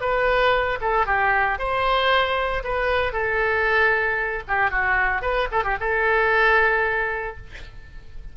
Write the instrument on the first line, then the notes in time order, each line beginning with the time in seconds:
oboe
0.00 B4
0.81 A4
1.06 G4
1.58 C5
2.63 B4
3.12 A4
4.48 G4
4.70 F#4
5.21 B4
5.51 A4
5.63 G4
5.80 A4